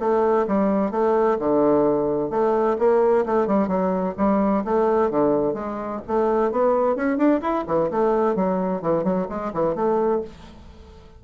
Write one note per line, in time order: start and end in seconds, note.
0.00 0.47 A3
0.48 0.91 G3
0.91 1.38 A3
1.39 2.30 D3
2.30 2.77 A3
2.79 3.25 A#3
3.26 3.47 A3
3.47 3.68 G3
3.68 4.15 F#3
4.18 4.64 G3
4.65 5.10 A3
5.10 5.54 D3
5.54 6.01 G#3
6.07 6.52 A3
6.52 6.96 B3
6.96 7.17 C#4
7.17 7.41 D4
7.41 7.65 E4
7.67 7.90 E3
7.91 8.36 A3
8.36 8.82 F#3
8.82 9.04 E3
9.04 9.27 F#3
9.29 9.52 G#3
9.54 9.75 E3
9.75 10.22 A3